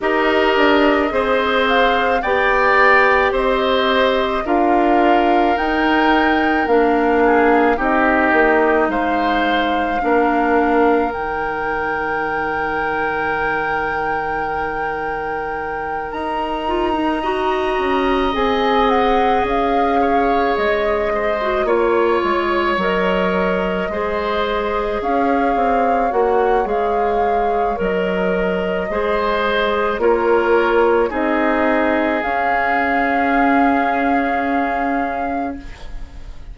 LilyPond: <<
  \new Staff \with { instrumentName = "flute" } { \time 4/4 \tempo 4 = 54 dis''4. f''8 g''4 dis''4 | f''4 g''4 f''4 dis''4 | f''2 g''2~ | g''2~ g''8 ais''4.~ |
ais''8 gis''8 fis''8 f''4 dis''4 cis''8~ | cis''8 dis''2 f''4 fis''8 | f''4 dis''2 cis''4 | dis''4 f''2. | }
  \new Staff \with { instrumentName = "oboe" } { \time 4/4 ais'4 c''4 d''4 c''4 | ais'2~ ais'8 gis'8 g'4 | c''4 ais'2.~ | ais'2.~ ais'8 dis''8~ |
dis''2 cis''4 c''8 cis''8~ | cis''4. c''4 cis''4.~ | cis''2 c''4 ais'4 | gis'1 | }
  \new Staff \with { instrumentName = "clarinet" } { \time 4/4 g'4 gis'4 g'2 | f'4 dis'4 d'4 dis'4~ | dis'4 d'4 dis'2~ | dis'2. f'16 dis'16 fis'8~ |
fis'8 gis'2~ gis'8. fis'16 f'8~ | f'8 ais'4 gis'2 fis'8 | gis'4 ais'4 gis'4 f'4 | dis'4 cis'2. | }
  \new Staff \with { instrumentName = "bassoon" } { \time 4/4 dis'8 d'8 c'4 b4 c'4 | d'4 dis'4 ais4 c'8 ais8 | gis4 ais4 dis2~ | dis2~ dis8 dis'4. |
cis'8 c'4 cis'4 gis4 ais8 | gis8 fis4 gis4 cis'8 c'8 ais8 | gis4 fis4 gis4 ais4 | c'4 cis'2. | }
>>